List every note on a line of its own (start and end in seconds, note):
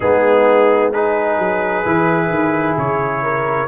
0.00 1.37 G#3
0.00 0.93 B3
0.00 0.92 D#4
0.00 0.92 G#4
0.92 1.84 D#4
0.92 3.23 G#4
0.92 2.77 B4
1.37 1.84 F#3
1.84 2.29 E3
1.84 3.68 E4
2.29 2.75 D#3
2.77 3.68 C#3
2.77 3.68 C#5
3.23 3.68 A#4